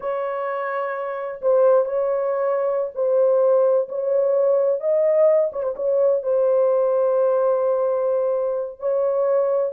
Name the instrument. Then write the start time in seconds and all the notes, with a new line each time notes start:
horn
0.00 C#5
1.41 C5
1.85 C#5
2.94 C5
3.88 C#5
4.80 D#5
5.52 C#5
5.62 C5
5.76 C#5
6.22 C5
8.79 C#5